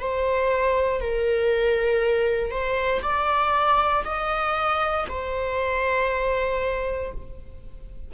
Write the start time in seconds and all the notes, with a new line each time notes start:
0.00 C5
1.01 A#4
2.51 C5
3.02 D5
4.05 D#5
5.08 C5